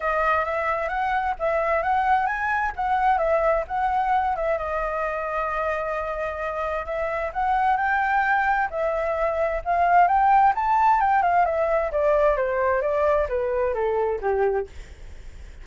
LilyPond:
\new Staff \with { instrumentName = "flute" } { \time 4/4 \tempo 4 = 131 dis''4 e''4 fis''4 e''4 | fis''4 gis''4 fis''4 e''4 | fis''4. e''8 dis''2~ | dis''2. e''4 |
fis''4 g''2 e''4~ | e''4 f''4 g''4 a''4 | g''8 f''8 e''4 d''4 c''4 | d''4 b'4 a'4 g'4 | }